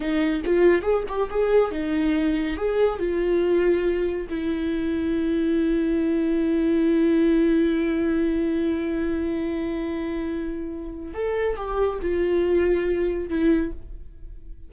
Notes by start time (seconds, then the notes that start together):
0.00 D#4
0.45 F4
0.82 G#4
1.08 G4
1.30 G#4
1.71 D#4
2.56 G#4
2.99 F4
4.29 E4
11.14 A4
11.56 G4
12.01 F4
13.29 E4